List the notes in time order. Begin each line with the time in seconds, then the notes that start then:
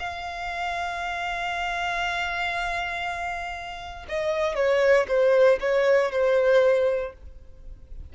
0.00 F5
4.09 D#5
4.56 C#5
5.08 C5
5.61 C#5
6.12 C5